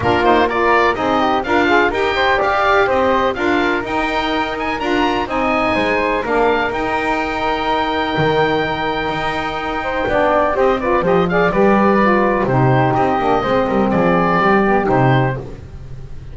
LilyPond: <<
  \new Staff \with { instrumentName = "oboe" } { \time 4/4 \tempo 4 = 125 ais'8 c''8 d''4 dis''4 f''4 | g''4 f''4 dis''4 f''4 | g''4. gis''8 ais''4 gis''4~ | gis''4 f''4 g''2~ |
g''1~ | g''2 dis''8 d''8 dis''8 f''8 | d''2 c''4 dis''4~ | dis''4 d''2 c''4 | }
  \new Staff \with { instrumentName = "flute" } { \time 4/4 f'4 ais'4 gis'8 g'8 f'4 | ais'8 c''8 d''4 c''4 ais'4~ | ais'2. dis''4 | c''4 ais'2.~ |
ais'1~ | ais'8 c''8 d''4 c''8 b'8 c''8 d''8 | b'2 g'2 | c''8 ais'8 gis'4 g'2 | }
  \new Staff \with { instrumentName = "saxophone" } { \time 4/4 d'8 dis'8 f'4 dis'4 ais'8 gis'8 | g'2. f'4 | dis'2 f'4 dis'4~ | dis'4 d'4 dis'2~ |
dis'1~ | dis'4 d'4 g'8 f'8 g'8 gis'8 | g'4 f'4 dis'4. d'8 | c'2~ c'8 b8 dis'4 | }
  \new Staff \with { instrumentName = "double bass" } { \time 4/4 ais2 c'4 d'4 | dis'4 g'4 c'4 d'4 | dis'2 d'4 c'4 | gis4 ais4 dis'2~ |
dis'4 dis2 dis'4~ | dis'4 b4 c'4 f4 | g2 c4 c'8 ais8 | gis8 g8 f4 g4 c4 | }
>>